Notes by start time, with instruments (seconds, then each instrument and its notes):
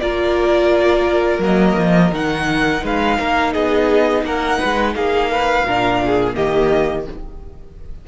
0.00 cello A#3, viola F4, violin A#4 D5
1.39 cello F#3, viola A#3, violin D#5
1.79 cello F3
2.11 cello D#3, viola D#4, violin F#5
2.84 cello G#3, violin B4 F5
3.19 cello A#3, violin A#4
3.53 cello B3, violin G#4 D#5
4.23 cello A#3, violin A#4 F#5
4.59 cello G#3, violin B4
4.96 cello A#3, violin G#4 F5
5.32 violin B4
5.64 cello A#2, viola D4, violin A#4
6.06 violin G#4
6.34 cello D#3, viola A#3, violin G4 D#5